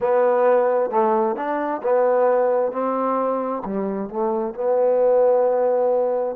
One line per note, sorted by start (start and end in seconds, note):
0.00 0.90 B3
0.90 1.36 A3
1.36 1.81 D4
1.83 2.71 B3
2.71 3.62 C4
3.65 4.09 G3
4.09 4.54 A3
4.54 6.36 B3